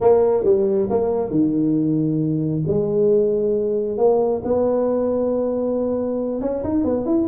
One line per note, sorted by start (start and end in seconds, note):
0.00 0.44 A#3
0.44 0.88 G3
0.90 1.30 A#3
1.30 2.62 D#3
2.67 3.97 G#3
3.97 4.41 A#3
4.44 6.41 B3
6.41 6.63 C#4
6.63 6.84 D#4
6.84 7.05 B3
7.05 7.27 E4